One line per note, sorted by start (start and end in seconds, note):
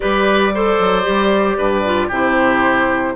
0.00 0.79 G3
0.00 0.53 G4
0.00 0.53 B4
0.00 2.10 D5
0.54 1.03 A4
0.54 1.57 C5
0.79 1.05 F#3
1.03 1.58 G3
1.03 1.81 G4
1.57 2.10 G2
1.57 2.07 B4
1.84 2.11 F4
2.07 3.15 C3
2.07 3.15 E4
2.07 3.12 G4
2.07 3.15 C5